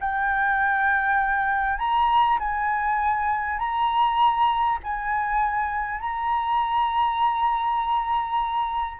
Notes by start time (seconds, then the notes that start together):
0.00 G5
1.78 A#5
2.39 G#5
3.58 A#5
4.83 G#5
6.00 A#5